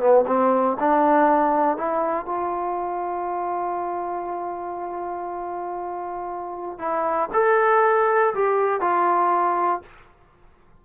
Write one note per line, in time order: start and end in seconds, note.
0.00 0.25 B3
0.28 0.78 C4
0.80 1.78 D4
1.78 2.26 E4
2.26 6.79 F4
6.79 7.29 E4
7.34 8.35 A4
8.35 8.81 G4
8.81 9.82 F4